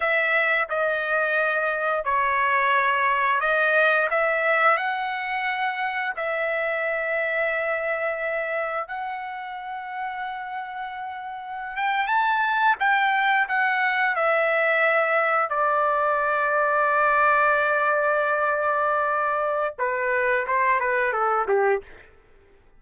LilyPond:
\new Staff \with { instrumentName = "trumpet" } { \time 4/4 \tempo 4 = 88 e''4 dis''2 cis''4~ | cis''4 dis''4 e''4 fis''4~ | fis''4 e''2.~ | e''4 fis''2.~ |
fis''4~ fis''16 g''8 a''4 g''4 fis''16~ | fis''8. e''2 d''4~ d''16~ | d''1~ | d''4 b'4 c''8 b'8 a'8 g'8 | }